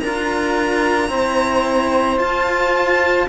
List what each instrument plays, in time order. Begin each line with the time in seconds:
0.00 cello D4 F4, saxophone A#4, violin A#5
1.08 cello C4 E4, saxophone C5
2.17 cello F4, violin A5